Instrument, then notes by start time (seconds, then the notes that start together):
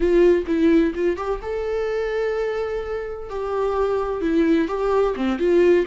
viola
0.00 F4
0.46 E4
0.94 F4
1.16 G4
1.42 A4
3.29 G4
4.21 E4
4.68 G4
5.16 C4
5.38 F4